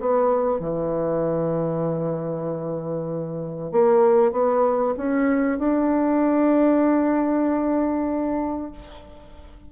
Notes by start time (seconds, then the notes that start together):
0.00 B3
0.60 E3
3.72 A#3
4.32 B3
4.97 C#4
5.59 D4